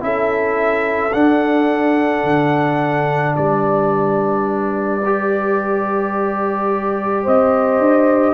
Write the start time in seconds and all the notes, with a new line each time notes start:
0.00 C#4 E4 A4 E5
1.13 D4 F#5
2.24 D3
3.36 G3 B4 D5
5.05 G4
7.23 C4 C5 D#5
7.79 D4